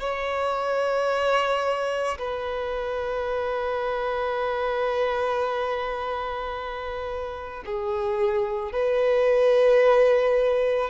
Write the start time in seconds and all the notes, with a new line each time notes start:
0.00 C#5
2.19 B4
7.66 G#4
8.73 B4